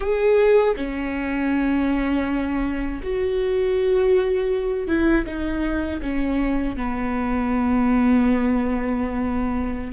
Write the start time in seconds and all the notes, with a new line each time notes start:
0.00 G#4
0.76 C#4
3.03 F#4
4.88 E4
5.25 D#4
6.01 C#4
6.76 B3